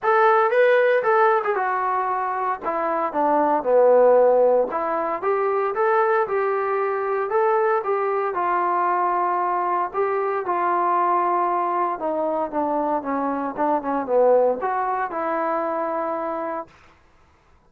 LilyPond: \new Staff \with { instrumentName = "trombone" } { \time 4/4 \tempo 4 = 115 a'4 b'4 a'8. gis'16 fis'4~ | fis'4 e'4 d'4 b4~ | b4 e'4 g'4 a'4 | g'2 a'4 g'4 |
f'2. g'4 | f'2. dis'4 | d'4 cis'4 d'8 cis'8 b4 | fis'4 e'2. | }